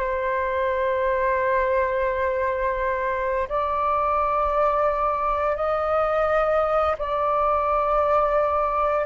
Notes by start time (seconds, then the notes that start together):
0.00 C5
3.49 D5
5.57 D#5
6.99 D5